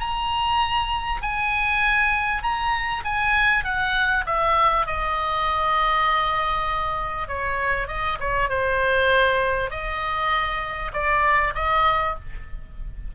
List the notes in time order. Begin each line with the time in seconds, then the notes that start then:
0.00 A#5
1.21 G#5
2.43 A#5
3.04 G#5
3.64 F#5
4.26 E5
4.86 D#5
7.28 C#5
7.88 D#5
8.20 C#5
8.49 C5
9.70 D#5
10.93 D5
11.55 D#5